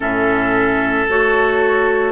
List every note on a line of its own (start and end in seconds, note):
0.00 1.07 A2
0.00 1.07 C#4
0.00 2.12 A4
0.00 1.08 E5
1.08 2.12 A3
1.08 2.12 F#4
1.08 2.12 C#5